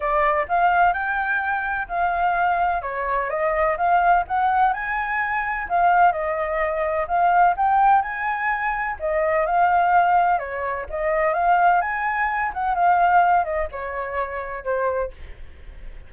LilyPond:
\new Staff \with { instrumentName = "flute" } { \time 4/4 \tempo 4 = 127 d''4 f''4 g''2 | f''2 cis''4 dis''4 | f''4 fis''4 gis''2 | f''4 dis''2 f''4 |
g''4 gis''2 dis''4 | f''2 cis''4 dis''4 | f''4 gis''4. fis''8 f''4~ | f''8 dis''8 cis''2 c''4 | }